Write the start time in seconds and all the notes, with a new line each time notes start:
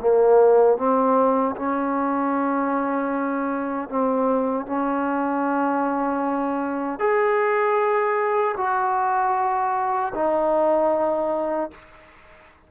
0.00 A#3
0.77 C4
1.56 C#4
3.89 C4
4.66 C#4
7.00 G#4
8.57 F#4
10.15 D#4